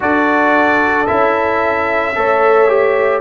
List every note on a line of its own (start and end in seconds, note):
0.00 1.08 D4
0.00 1.06 F#4
0.00 2.15 A4
0.00 1.06 D5
1.06 2.16 C#4
1.06 2.14 E4
1.06 3.20 E5
2.14 3.21 A3
2.14 2.68 A4
2.14 3.21 C#5
2.68 3.21 G4